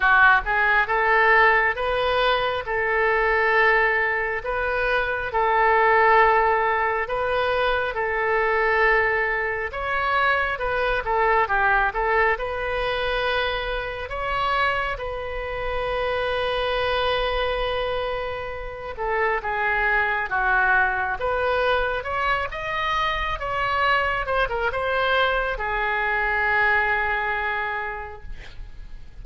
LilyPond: \new Staff \with { instrumentName = "oboe" } { \time 4/4 \tempo 4 = 68 fis'8 gis'8 a'4 b'4 a'4~ | a'4 b'4 a'2 | b'4 a'2 cis''4 | b'8 a'8 g'8 a'8 b'2 |
cis''4 b'2.~ | b'4. a'8 gis'4 fis'4 | b'4 cis''8 dis''4 cis''4 c''16 ais'16 | c''4 gis'2. | }